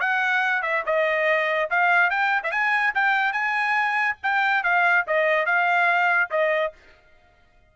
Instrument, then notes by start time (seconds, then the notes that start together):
trumpet
0.00 F#5
0.62 E5
0.86 D#5
1.70 F5
2.10 G5
2.43 E5
2.51 G#5
2.95 G5
3.33 G#5
4.23 G5
4.63 F5
5.07 D#5
5.46 F5
6.31 D#5